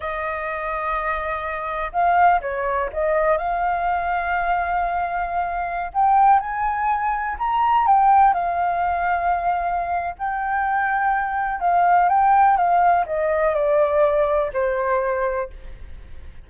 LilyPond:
\new Staff \with { instrumentName = "flute" } { \time 4/4 \tempo 4 = 124 dis''1 | f''4 cis''4 dis''4 f''4~ | f''1~ | f''16 g''4 gis''2 ais''8.~ |
ais''16 g''4 f''2~ f''8.~ | f''4 g''2. | f''4 g''4 f''4 dis''4 | d''2 c''2 | }